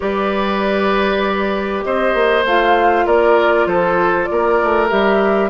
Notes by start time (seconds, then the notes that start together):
0.00 G3 G4 B4 D5
1.83 C4 C5 D#5
2.14 A#3
2.44 A3 F4 F5
3.05 A#3 A#4 D5
3.65 F3 A4 C5
4.25 A#3 A#4 D5
4.62 A3
4.89 G3 G4 E5